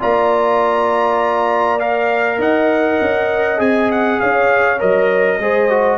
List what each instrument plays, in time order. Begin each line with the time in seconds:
0.00 tuba A#3, trombone F4, horn D5, trumpet A#5
1.80 trombone A#4, trumpet F5
2.39 tuba D#4, horn D#5, trumpet F#5
3.01 tuba C#4
3.57 tuba C4, trombone G#4, trumpet G#5
3.92 trumpet F#5
4.20 tuba C#4, horn C#5, trumpet F5
4.79 tuba F#3, trombone A#4, trumpet D#5
5.39 tuba G#3, trombone G#4, horn C5
5.70 trombone F#4